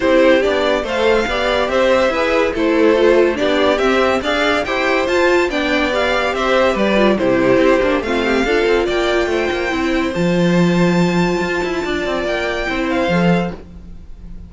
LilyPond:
<<
  \new Staff \with { instrumentName = "violin" } { \time 4/4 \tempo 4 = 142 c''4 d''4 f''2 | e''2 c''2 | d''4 e''4 f''4 g''4 | a''4 g''4 f''4 e''4 |
d''4 c''2 f''4~ | f''4 g''2. | a''1~ | a''4 g''4. f''4. | }
  \new Staff \with { instrumentName = "violin" } { \time 4/4 g'2 c''4 d''4 | c''4 b'4 a'2 | g'2 d''4 c''4~ | c''4 d''2 c''4 |
b'4 g'2 f'8 g'8 | a'4 d''4 c''2~ | c''1 | d''2 c''2 | }
  \new Staff \with { instrumentName = "viola" } { \time 4/4 e'4 d'4 a'4 g'4~ | g'4 gis'4 e'4 f'4 | d'4 c'4 gis'4 g'4 | f'4 d'4 g'2~ |
g'8 f'8 e'4. d'8 c'4 | f'2. e'4 | f'1~ | f'2 e'4 a'4 | }
  \new Staff \with { instrumentName = "cello" } { \time 4/4 c'4 b4 a4 b4 | c'4 e'4 a2 | b4 c'4 d'4 e'4 | f'4 b2 c'4 |
g4 c4 c'8 ais8 a4 | d'8 c'8 ais4 a8 ais8 c'4 | f2. f'8 e'8 | d'8 c'8 ais4 c'4 f4 | }
>>